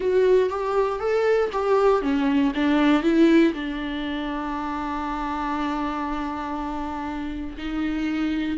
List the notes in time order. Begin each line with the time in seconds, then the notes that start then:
0.00 F#4
0.49 G4
0.99 A4
1.52 G4
2.02 C#4
2.54 D4
3.03 E4
3.53 D4
7.57 D#4